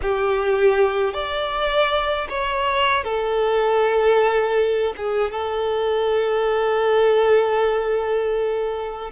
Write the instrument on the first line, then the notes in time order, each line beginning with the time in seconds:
violin
0.01 G4
1.13 D5
2.29 C#5
3.03 A4
4.96 G#4
5.31 A4